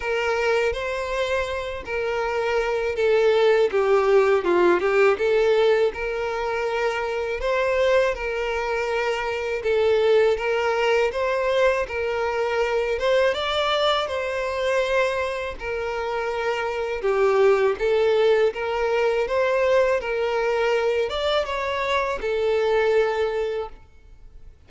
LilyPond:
\new Staff \with { instrumentName = "violin" } { \time 4/4 \tempo 4 = 81 ais'4 c''4. ais'4. | a'4 g'4 f'8 g'8 a'4 | ais'2 c''4 ais'4~ | ais'4 a'4 ais'4 c''4 |
ais'4. c''8 d''4 c''4~ | c''4 ais'2 g'4 | a'4 ais'4 c''4 ais'4~ | ais'8 d''8 cis''4 a'2 | }